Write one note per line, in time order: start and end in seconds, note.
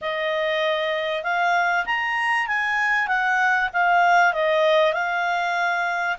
0.01 1.23 D#5
1.23 1.85 F5
1.85 2.47 A#5
2.47 3.07 G#5
3.07 3.69 F#5
3.73 4.33 F5
4.33 4.93 D#5
4.93 6.17 F5